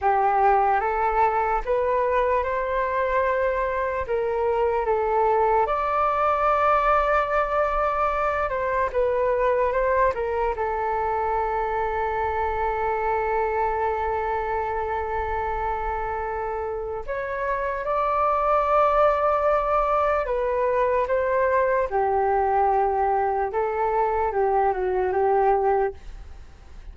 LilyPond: \new Staff \with { instrumentName = "flute" } { \time 4/4 \tempo 4 = 74 g'4 a'4 b'4 c''4~ | c''4 ais'4 a'4 d''4~ | d''2~ d''8 c''8 b'4 | c''8 ais'8 a'2.~ |
a'1~ | a'4 cis''4 d''2~ | d''4 b'4 c''4 g'4~ | g'4 a'4 g'8 fis'8 g'4 | }